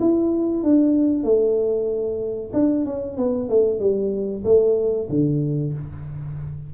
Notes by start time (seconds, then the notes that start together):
0.00 E4
0.63 D4
1.24 A3
2.53 D4
2.85 C#4
3.17 B3
3.49 A3
3.79 G3
4.44 A3
5.09 D3